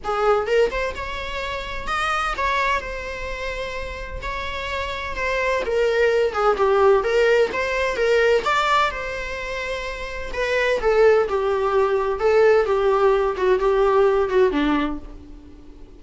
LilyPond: \new Staff \with { instrumentName = "viola" } { \time 4/4 \tempo 4 = 128 gis'4 ais'8 c''8 cis''2 | dis''4 cis''4 c''2~ | c''4 cis''2 c''4 | ais'4. gis'8 g'4 ais'4 |
c''4 ais'4 d''4 c''4~ | c''2 b'4 a'4 | g'2 a'4 g'4~ | g'8 fis'8 g'4. fis'8 d'4 | }